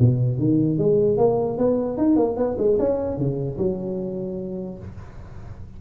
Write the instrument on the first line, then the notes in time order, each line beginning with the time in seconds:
tuba
0.00 B2
0.39 D#3
0.79 G#3
1.18 A#3
1.58 B3
1.98 D#4
2.17 A#3
2.37 B3
2.59 G#3
2.80 C#4
3.18 C#3
3.58 F#3